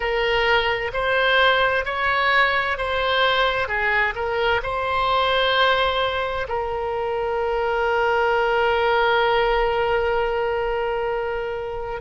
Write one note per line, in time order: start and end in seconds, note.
0.00 0.91 A#4
0.93 1.85 C5
1.85 2.77 C#5
2.77 3.68 C5
3.68 4.14 G#4
4.15 4.61 A#4
4.62 6.47 C5
6.48 12.01 A#4